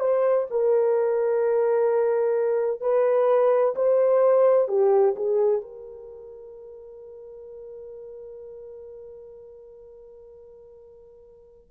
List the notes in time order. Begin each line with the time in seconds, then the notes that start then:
0.00 C5
0.50 A#4
2.80 B4
3.75 C5
4.67 G4
5.16 G#4
5.61 A#4